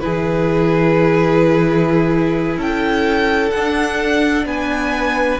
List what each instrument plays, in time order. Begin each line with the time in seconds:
0.00 cello E3, viola E4, violin G#4 B4
2.57 cello C#4, violin A4 G5
3.50 viola D4, cello D4, violin F#5
4.45 cello B3, violin B4 G#5